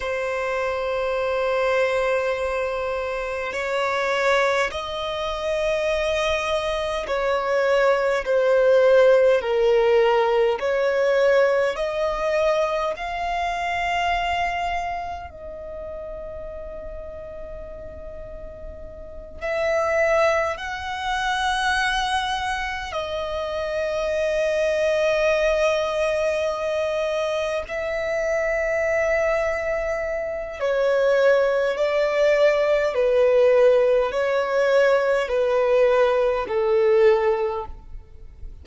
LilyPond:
\new Staff \with { instrumentName = "violin" } { \time 4/4 \tempo 4 = 51 c''2. cis''4 | dis''2 cis''4 c''4 | ais'4 cis''4 dis''4 f''4~ | f''4 dis''2.~ |
dis''8 e''4 fis''2 dis''8~ | dis''2.~ dis''8 e''8~ | e''2 cis''4 d''4 | b'4 cis''4 b'4 a'4 | }